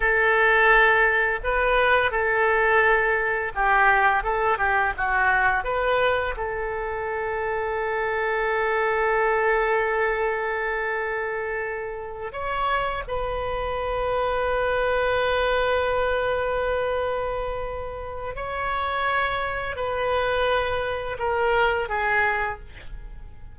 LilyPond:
\new Staff \with { instrumentName = "oboe" } { \time 4/4 \tempo 4 = 85 a'2 b'4 a'4~ | a'4 g'4 a'8 g'8 fis'4 | b'4 a'2.~ | a'1~ |
a'4. cis''4 b'4.~ | b'1~ | b'2 cis''2 | b'2 ais'4 gis'4 | }